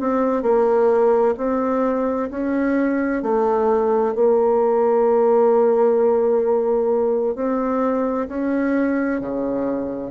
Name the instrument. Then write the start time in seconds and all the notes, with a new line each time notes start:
bassoon
0.00 C4
0.42 A#3
1.37 C4
2.30 C#4
3.22 A3
4.15 A#3
7.35 C4
8.28 C#4
9.21 C#3